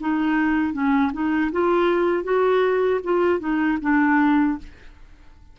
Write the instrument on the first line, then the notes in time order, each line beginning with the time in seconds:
clarinet
0.00 D#4
0.73 C#4
1.13 D#4
1.52 F4
2.23 F#4
3.03 F4
3.40 D#4
3.81 D4